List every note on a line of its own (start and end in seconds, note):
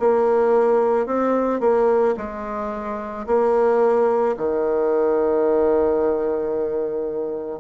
0.00 1.07 A#3
1.07 1.61 C4
1.61 2.15 A#3
2.18 3.27 G#3
3.27 4.36 A#3
4.37 7.60 D#3